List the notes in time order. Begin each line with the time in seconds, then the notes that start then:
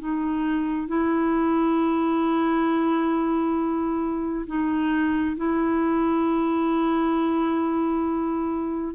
0.00 D#4
0.88 E4
4.47 D#4
5.37 E4